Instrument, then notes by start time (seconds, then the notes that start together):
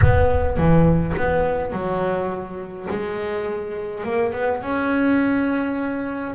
double bass
0.01 B3
0.57 E3
1.16 B3
1.72 F#3
2.90 G#3
4.03 A#3
4.33 B3
4.62 C#4